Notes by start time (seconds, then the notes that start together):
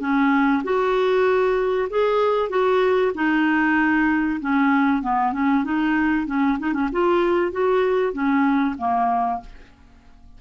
0.00 C#4
0.63 F#4
1.90 G#4
2.49 F#4
3.14 D#4
4.41 C#4
5.02 B3
5.33 C#4
5.64 D#4
6.27 C#4
6.59 D#4
6.73 C#4
6.92 F4
7.51 F#4
8.12 C#4
8.78 A#3